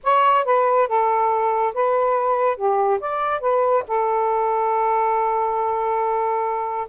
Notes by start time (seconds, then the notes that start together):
0.03 C#5
0.45 B4
0.88 A4
1.74 B4
2.56 G4
3.00 D5
3.40 B4
3.87 A4